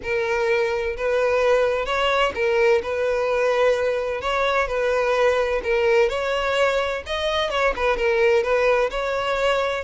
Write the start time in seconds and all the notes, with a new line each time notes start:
0.02 A#4
0.97 B4
1.85 C#5
2.34 A#4
2.82 B4
4.21 C#5
4.67 B4
5.63 A#4
6.09 C#5
7.06 D#5
7.50 C#5
7.76 B4
7.96 A#4
8.43 B4
8.90 C#5